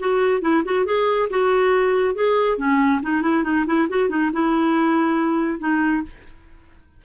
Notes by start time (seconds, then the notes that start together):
0.00 F#4
0.42 E4
0.65 F#4
0.86 G#4
1.30 F#4
2.15 G#4
2.58 C#4
3.03 D#4
3.22 E4
3.44 D#4
3.67 E4
3.89 F#4
4.10 D#4
4.33 E4
5.60 D#4